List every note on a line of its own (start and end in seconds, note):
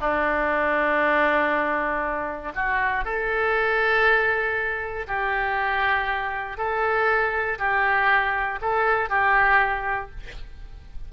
0.00 2.52 D4
2.55 3.04 F#4
3.04 5.06 A4
5.07 6.57 G4
6.57 7.58 A4
7.58 8.59 G4
8.61 9.09 A4
9.09 10.10 G4